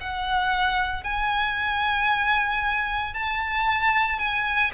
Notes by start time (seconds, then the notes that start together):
0.00 F#5
1.03 G#5
3.14 A5
4.18 G#5